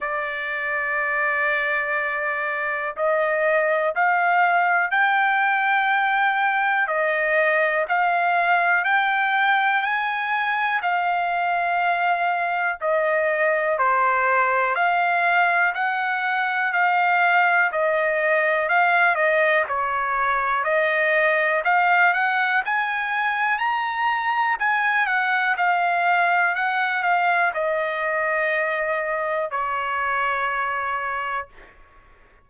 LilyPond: \new Staff \with { instrumentName = "trumpet" } { \time 4/4 \tempo 4 = 61 d''2. dis''4 | f''4 g''2 dis''4 | f''4 g''4 gis''4 f''4~ | f''4 dis''4 c''4 f''4 |
fis''4 f''4 dis''4 f''8 dis''8 | cis''4 dis''4 f''8 fis''8 gis''4 | ais''4 gis''8 fis''8 f''4 fis''8 f''8 | dis''2 cis''2 | }